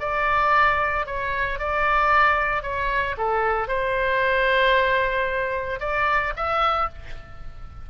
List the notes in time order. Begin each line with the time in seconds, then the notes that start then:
0.00 D5
1.06 C#5
1.59 D5
2.63 C#5
3.17 A4
3.68 C5
5.80 D5
6.36 E5